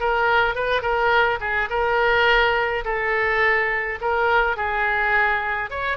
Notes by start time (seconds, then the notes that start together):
0.00 A#4
0.55 B4
0.82 A#4
1.41 G#4
1.70 A#4
2.85 A4
4.01 A#4
4.57 G#4
5.70 C#5